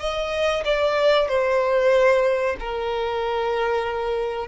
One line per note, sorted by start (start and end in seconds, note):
0.00 0.64 D#5
0.65 1.29 D5
1.29 2.56 C5
2.60 4.48 A#4